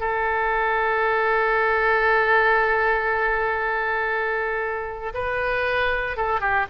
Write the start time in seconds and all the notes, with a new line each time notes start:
0.00 A4
5.14 B4
6.17 A4
6.41 G4